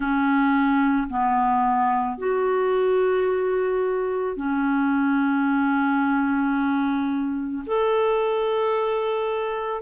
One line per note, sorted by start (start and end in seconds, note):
0.00 1.08 C#4
1.09 2.18 B3
2.18 4.36 F#4
4.36 7.64 C#4
7.66 9.81 A4